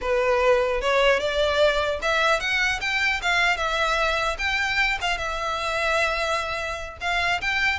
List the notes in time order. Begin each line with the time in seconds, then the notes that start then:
0.01 B4
0.81 C#5
1.19 D5
2.01 E5
2.40 F#5
2.81 G5
3.21 F5
3.56 E5
4.38 G5
5.01 F5
5.17 E5
7.00 F5
7.41 G5